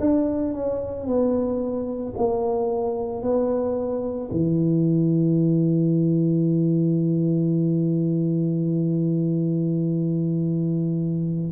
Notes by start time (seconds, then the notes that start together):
0.00 D4
0.53 C#4
1.07 B3
2.17 A#3
3.22 B3
4.31 E3